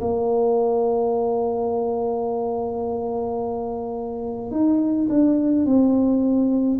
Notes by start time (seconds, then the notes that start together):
0.00 A#3
4.51 D#4
5.09 D4
5.66 C4